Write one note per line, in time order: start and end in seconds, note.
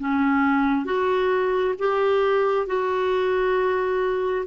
0.00 0.85 C#4
0.85 1.75 F#4
1.79 2.67 G4
2.67 4.46 F#4